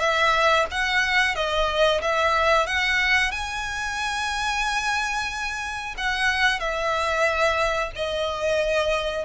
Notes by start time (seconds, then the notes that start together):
0.00 E5
0.71 F#5
1.35 D#5
2.02 E5
2.67 F#5
3.31 G#5
5.98 F#5
6.60 E5
7.95 D#5